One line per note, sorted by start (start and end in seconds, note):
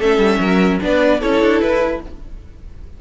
0.00 0.18 A3
0.00 0.80 C#4
0.00 0.40 A4
0.00 0.81 E5
0.18 0.38 G3
0.40 0.80 F#3
0.40 0.80 A#4
0.80 1.23 B3
0.80 1.20 D4
0.80 1.20 B4
0.80 1.21 D5
1.20 1.42 C#4
1.20 2.01 E4
1.20 2.00 A4
1.20 1.61 C#5
1.42 1.61 D4
1.61 2.01 E4
1.61 2.01 B4